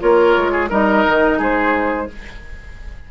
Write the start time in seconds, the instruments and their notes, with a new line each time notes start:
0.00 bassoon A#3, clarinet F4, oboe A#4, flute C#5
0.37 bassoon G#3
0.52 oboe G#4
0.70 bassoon G3, clarinet D#4, oboe A#4, flute D#5
1.07 bassoon D#3
1.39 bassoon G#3, oboe G#4, flute C5